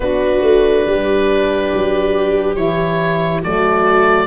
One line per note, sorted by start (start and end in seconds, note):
0.00 0.42 B3
0.00 2.57 D4
0.00 0.87 F#4
0.00 2.55 B4
0.42 0.85 A3
0.86 1.72 G3
0.86 3.41 G4
1.72 2.57 F#3
2.55 3.42 E3
2.55 3.43 E4
2.55 3.41 C#5
3.41 4.27 F#3
3.41 4.27 A3
3.41 4.27 F#4
3.41 4.27 D5